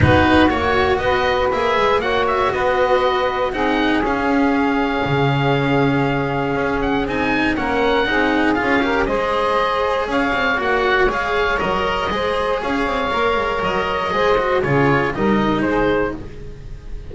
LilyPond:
<<
  \new Staff \with { instrumentName = "oboe" } { \time 4/4 \tempo 4 = 119 b'4 cis''4 dis''4 e''4 | fis''8 e''8 dis''2 fis''4 | f''1~ | f''4. fis''8 gis''4 fis''4~ |
fis''4 f''4 dis''2 | f''4 fis''4 f''4 dis''4~ | dis''4 f''2 dis''4~ | dis''4 cis''4 dis''4 c''4 | }
  \new Staff \with { instrumentName = "saxophone" } { \time 4/4 fis'2 b'2 | cis''4 b'2 gis'4~ | gis'1~ | gis'2. ais'4 |
gis'4. ais'8 c''2 | cis''1 | c''4 cis''2. | c''4 gis'4 ais'4 gis'4 | }
  \new Staff \with { instrumentName = "cello" } { \time 4/4 dis'4 fis'2 gis'4 | fis'2. dis'4 | cis'1~ | cis'2 dis'4 cis'4 |
dis'4 f'8 g'8 gis'2~ | gis'4 fis'4 gis'4 ais'4 | gis'2 ais'2 | gis'8 fis'8 f'4 dis'2 | }
  \new Staff \with { instrumentName = "double bass" } { \time 4/4 b4 ais4 b4 ais8 gis8 | ais4 b2 c'4 | cis'2 cis2~ | cis4 cis'4 c'4 ais4 |
c'4 cis'4 gis2 | cis'8 c'8 ais4 gis4 fis4 | gis4 cis'8 c'8 ais8 gis8 fis4 | gis4 cis4 g4 gis4 | }
>>